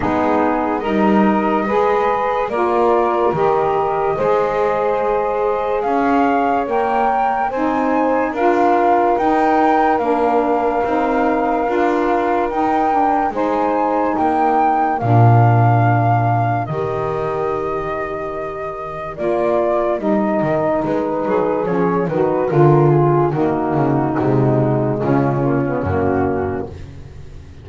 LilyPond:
<<
  \new Staff \with { instrumentName = "flute" } { \time 4/4 \tempo 4 = 72 gis'4 dis''2 d''4 | dis''2. f''4 | g''4 gis''4 f''4 g''4 | f''2. g''4 |
gis''4 g''4 f''2 | dis''2. d''4 | dis''4 b'4 cis''8 b'8 ais'8 gis'8 | fis'2 f'4 fis'4 | }
  \new Staff \with { instrumentName = "saxophone" } { \time 4/4 dis'4 ais'4 b'4 ais'4~ | ais'4 c''2 cis''4~ | cis''4 c''4 ais'2~ | ais'1 |
c''4 ais'2.~ | ais'1~ | ais'4. gis'4 fis'8 f'4 | dis'2 cis'2 | }
  \new Staff \with { instrumentName = "saxophone" } { \time 4/4 b4 dis'4 gis'4 f'4 | g'4 gis'2. | ais'4 dis'4 f'4 dis'4 | d'4 dis'4 f'4 dis'8 d'8 |
dis'2 d'2 | g'2. f'4 | dis'2 cis'8 dis'8 f'4 | ais4 gis4. ais16 b16 ais4 | }
  \new Staff \with { instrumentName = "double bass" } { \time 4/4 gis4 g4 gis4 ais4 | dis4 gis2 cis'4 | ais4 c'4 d'4 dis'4 | ais4 c'4 d'4 dis'4 |
gis4 ais4 ais,2 | dis2. ais4 | g8 dis8 gis8 fis8 f8 dis8 d4 | dis8 cis8 c4 cis4 fis,4 | }
>>